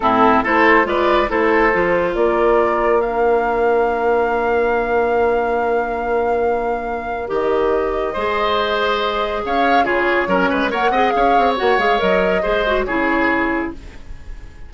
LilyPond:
<<
  \new Staff \with { instrumentName = "flute" } { \time 4/4 \tempo 4 = 140 a'4 c''4 d''4 c''4~ | c''4 d''2 f''4~ | f''1~ | f''1~ |
f''4 dis''2.~ | dis''2 f''4 cis''4~ | cis''4 fis''4 f''4 fis''8 f''8 | dis''2 cis''2 | }
  \new Staff \with { instrumentName = "oboe" } { \time 4/4 e'4 a'4 b'4 a'4~ | a'4 ais'2.~ | ais'1~ | ais'1~ |
ais'2. c''4~ | c''2 cis''4 gis'4 | ais'8 b'8 cis''8 dis''8 cis''2~ | cis''4 c''4 gis'2 | }
  \new Staff \with { instrumentName = "clarinet" } { \time 4/4 c'4 e'4 f'4 e'4 | f'2. d'4~ | d'1~ | d'1~ |
d'4 g'2 gis'4~ | gis'2. f'4 | cis'4 ais'8 gis'4. fis'8 gis'8 | ais'4 gis'8 fis'8 e'2 | }
  \new Staff \with { instrumentName = "bassoon" } { \time 4/4 a,4 a4 gis4 a4 | f4 ais2.~ | ais1~ | ais1~ |
ais4 dis2 gis4~ | gis2 cis'4 cis4 | fis8 gis8 ais8 c'8 cis'8 c'8 ais8 gis8 | fis4 gis4 cis2 | }
>>